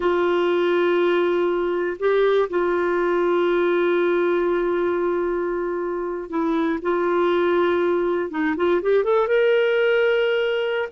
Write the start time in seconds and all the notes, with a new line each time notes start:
0.00 F4
1.99 G4
2.49 F4
6.29 E4
6.82 F4
8.30 D#4
8.56 F4
8.81 G4
9.03 A4
9.27 A#4